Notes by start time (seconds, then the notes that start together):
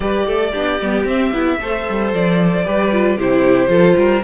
0.00 G3 G4 B4 D5
0.26 A3 A4
0.52 B3 D4 G4
0.81 G3 B3
1.05 C4 E5
1.32 B3 E4
1.59 A3 A4 C5
1.89 G3
2.13 F3 D5
2.64 G3 G4 B4
2.92 F4
3.16 C3 E4 G4 C5
3.67 F3 F4 A4
3.97 G3 A#4